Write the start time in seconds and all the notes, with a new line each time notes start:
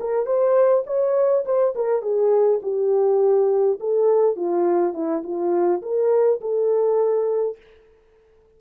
0.00 A#4
0.26 C5
0.86 C#5
1.45 C5
1.75 A#4
2.02 G#4
2.63 G4
3.80 A4
4.36 F4
4.94 E4
5.23 F4
5.82 A#4
6.41 A4